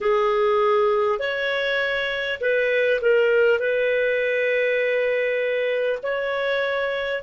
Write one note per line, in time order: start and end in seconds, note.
0.01 1.19 G#4
1.19 2.39 C#5
2.40 3.00 B4
3.01 3.59 A#4
3.59 5.99 B4
6.03 7.23 C#5